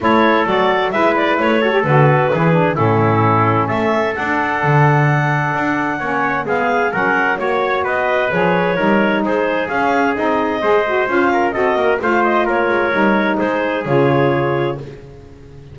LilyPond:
<<
  \new Staff \with { instrumentName = "clarinet" } { \time 4/4 \tempo 4 = 130 cis''4 d''4 e''8 d''8 cis''4 | b'2 a'2 | e''4 fis''2.~ | fis''2 f''4 fis''4 |
cis''4 dis''4 cis''2 | c''4 f''4 dis''2 | f''4 dis''4 f''8 dis''8 cis''4~ | cis''4 c''4 cis''2 | }
  \new Staff \with { instrumentName = "trumpet" } { \time 4/4 a'2 b'4. a'8~ | a'4 gis'4 e'2 | a'1~ | a'4 cis''4 gis'4 ais'4 |
cis''4 b'2 ais'4 | gis'2. c''4~ | c''8 ais'8 a'8 ais'8 c''4 ais'4~ | ais'4 gis'2. | }
  \new Staff \with { instrumentName = "saxophone" } { \time 4/4 e'4 fis'4 e'4. fis'16 g'16 | fis'4 e'8 d'8 cis'2~ | cis'4 d'2.~ | d'4 cis'4 b4 cis'4 |
fis'2 gis'4 dis'4~ | dis'4 cis'4 dis'4 gis'8 fis'8 | f'4 fis'4 f'2 | dis'2 f'2 | }
  \new Staff \with { instrumentName = "double bass" } { \time 4/4 a4 fis4 gis4 a4 | d4 e4 a,2 | a4 d'4 d2 | d'4 ais4 gis4 fis4 |
ais4 b4 f4 g4 | gis4 cis'4 c'4 gis4 | cis'4 c'8 ais8 a4 ais8 gis8 | g4 gis4 cis2 | }
>>